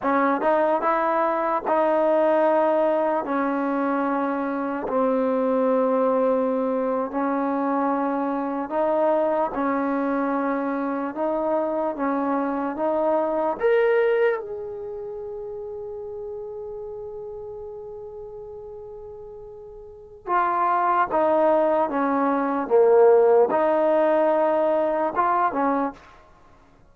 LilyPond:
\new Staff \with { instrumentName = "trombone" } { \time 4/4 \tempo 4 = 74 cis'8 dis'8 e'4 dis'2 | cis'2 c'2~ | c'8. cis'2 dis'4 cis'16~ | cis'4.~ cis'16 dis'4 cis'4 dis'16~ |
dis'8. ais'4 gis'2~ gis'16~ | gis'1~ | gis'4 f'4 dis'4 cis'4 | ais4 dis'2 f'8 cis'8 | }